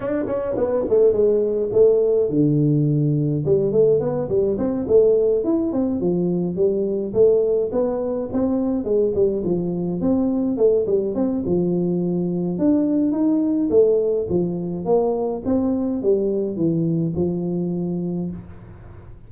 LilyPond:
\new Staff \with { instrumentName = "tuba" } { \time 4/4 \tempo 4 = 105 d'8 cis'8 b8 a8 gis4 a4 | d2 g8 a8 b8 g8 | c'8 a4 e'8 c'8 f4 g8~ | g8 a4 b4 c'4 gis8 |
g8 f4 c'4 a8 g8 c'8 | f2 d'4 dis'4 | a4 f4 ais4 c'4 | g4 e4 f2 | }